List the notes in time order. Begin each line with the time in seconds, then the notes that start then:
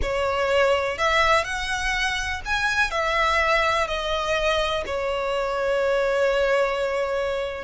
0.02 C#5
0.98 E5
1.44 F#5
2.45 G#5
2.90 E5
3.87 D#5
4.86 C#5